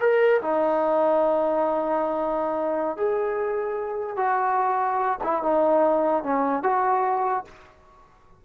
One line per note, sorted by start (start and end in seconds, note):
0.00 0.41 A#4
0.42 2.97 D#4
2.97 4.16 G#4
4.16 5.18 F#4
5.23 5.42 E4
5.42 6.23 D#4
6.23 6.63 C#4
6.63 7.45 F#4